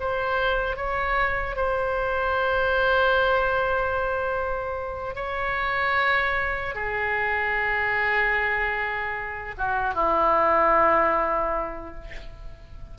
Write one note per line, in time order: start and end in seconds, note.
0.00 0.76 C5
0.76 1.56 C#5
1.56 5.15 C5
5.15 6.75 C#5
6.75 9.55 G#4
9.57 9.95 F#4
9.95 11.95 E4